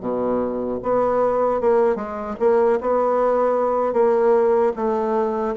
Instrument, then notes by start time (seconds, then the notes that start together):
bassoon
0.00 B2
0.83 B3
1.60 A#3
1.95 G#3
2.39 A#3
2.81 B3
3.93 A#3
4.75 A3